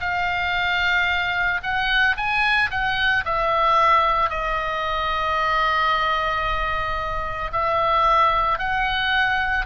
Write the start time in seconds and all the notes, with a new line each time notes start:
0.00 F5
1.63 F#5
2.17 G#5
2.70 F#5
3.25 E5
4.30 D#5
7.52 E5
8.59 F#5